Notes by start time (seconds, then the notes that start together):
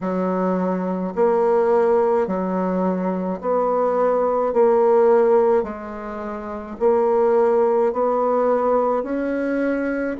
0.01 F#3
1.15 A#3
2.26 F#3
3.40 B3
4.53 A#3
5.63 G#3
6.79 A#3
7.92 B3
9.03 C#4